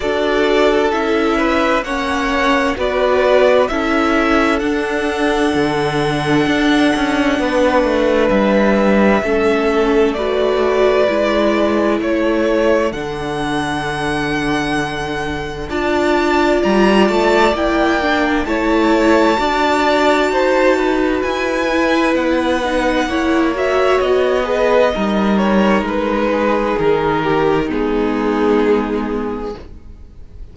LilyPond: <<
  \new Staff \with { instrumentName = "violin" } { \time 4/4 \tempo 4 = 65 d''4 e''4 fis''4 d''4 | e''4 fis''2.~ | fis''4 e''2 d''4~ | d''4 cis''4 fis''2~ |
fis''4 a''4 ais''8 a''8 g''4 | a''2. gis''4 | fis''4. e''8 dis''4. cis''8 | b'4 ais'4 gis'2 | }
  \new Staff \with { instrumentName = "violin" } { \time 4/4 a'4. b'8 cis''4 b'4 | a'1 | b'2 a'4 b'4~ | b'4 a'2.~ |
a'4 d''2. | cis''4 d''4 c''8 b'4.~ | b'4 cis''4. b'8 ais'4~ | ais'8 gis'4 g'8 dis'2 | }
  \new Staff \with { instrumentName = "viola" } { \time 4/4 fis'4 e'4 cis'4 fis'4 | e'4 d'2.~ | d'2 cis'4 fis'4 | e'2 d'2~ |
d'4 f'2 e'8 d'8 | e'4 fis'2~ fis'8 e'8~ | e'8 dis'8 e'8 fis'4 gis'8 dis'4~ | dis'2 b2 | }
  \new Staff \with { instrumentName = "cello" } { \time 4/4 d'4 cis'4 ais4 b4 | cis'4 d'4 d4 d'8 cis'8 | b8 a8 g4 a2 | gis4 a4 d2~ |
d4 d'4 g8 a8 ais4 | a4 d'4 dis'4 e'4 | b4 ais4 b4 g4 | gis4 dis4 gis2 | }
>>